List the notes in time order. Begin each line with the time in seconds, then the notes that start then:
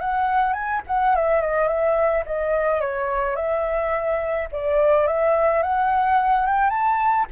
0.00 F#5
0.53 G#5
0.87 F#5
1.15 E5
1.41 D#5
1.67 E5
2.26 D#5
2.80 C#5
3.36 E5
4.52 D5
5.07 E5
5.62 F#5
6.46 G5
6.70 A5